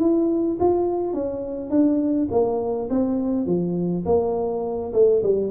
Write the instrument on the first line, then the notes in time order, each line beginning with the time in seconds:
tuba
0.00 E4
0.60 F4
1.14 C#4
1.71 D4
2.31 A#3
2.90 C4
3.47 F3
4.06 A#3
4.94 A3
5.23 G3